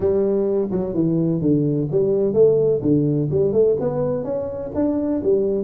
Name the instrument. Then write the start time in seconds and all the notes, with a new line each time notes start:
tuba
0.00 G3
0.71 F#3
0.94 E3
1.41 D3
1.91 G3
2.33 A3
2.81 D3
3.30 G3
3.53 A3
3.79 B3
4.24 C#4
4.75 D4
5.23 G3